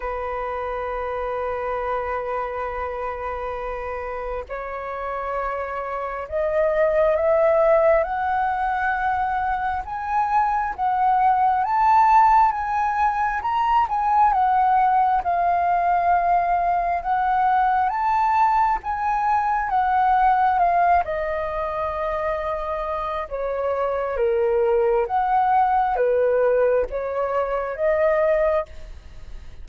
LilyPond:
\new Staff \with { instrumentName = "flute" } { \time 4/4 \tempo 4 = 67 b'1~ | b'4 cis''2 dis''4 | e''4 fis''2 gis''4 | fis''4 a''4 gis''4 ais''8 gis''8 |
fis''4 f''2 fis''4 | a''4 gis''4 fis''4 f''8 dis''8~ | dis''2 cis''4 ais'4 | fis''4 b'4 cis''4 dis''4 | }